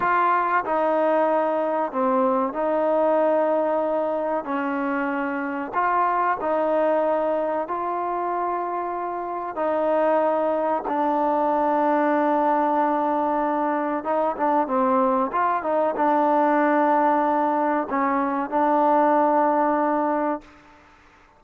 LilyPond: \new Staff \with { instrumentName = "trombone" } { \time 4/4 \tempo 4 = 94 f'4 dis'2 c'4 | dis'2. cis'4~ | cis'4 f'4 dis'2 | f'2. dis'4~ |
dis'4 d'2.~ | d'2 dis'8 d'8 c'4 | f'8 dis'8 d'2. | cis'4 d'2. | }